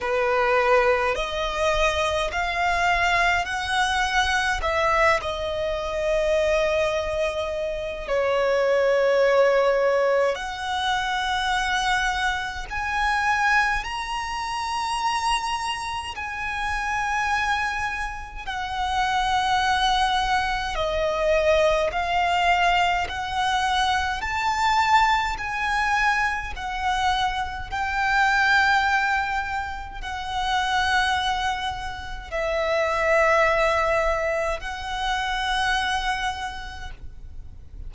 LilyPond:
\new Staff \with { instrumentName = "violin" } { \time 4/4 \tempo 4 = 52 b'4 dis''4 f''4 fis''4 | e''8 dis''2~ dis''8 cis''4~ | cis''4 fis''2 gis''4 | ais''2 gis''2 |
fis''2 dis''4 f''4 | fis''4 a''4 gis''4 fis''4 | g''2 fis''2 | e''2 fis''2 | }